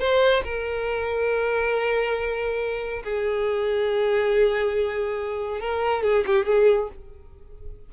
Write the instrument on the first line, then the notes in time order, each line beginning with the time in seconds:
violin
0.00 C5
0.44 A#4
3.03 G#4
5.61 A#4
6.03 G#4
6.26 G4
6.46 G#4